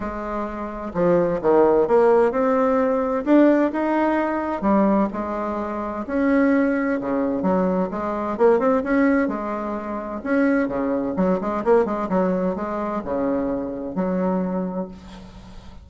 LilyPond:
\new Staff \with { instrumentName = "bassoon" } { \time 4/4 \tempo 4 = 129 gis2 f4 dis4 | ais4 c'2 d'4 | dis'2 g4 gis4~ | gis4 cis'2 cis4 |
fis4 gis4 ais8 c'8 cis'4 | gis2 cis'4 cis4 | fis8 gis8 ais8 gis8 fis4 gis4 | cis2 fis2 | }